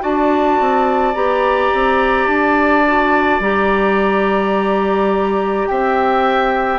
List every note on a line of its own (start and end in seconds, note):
0.00 0.60 D4
0.00 1.13 F#4
0.00 5.69 D5
0.00 1.15 A5
0.60 1.14 C4
1.14 1.71 B3
1.14 2.84 G4
1.14 2.28 A#5
1.74 2.27 C4
2.27 3.40 D4
2.27 3.41 A5
2.87 3.42 F#4
3.40 5.66 G3
3.40 6.79 G4
3.40 5.67 A#5
5.67 6.79 C4
5.67 6.79 E5
5.67 6.79 G5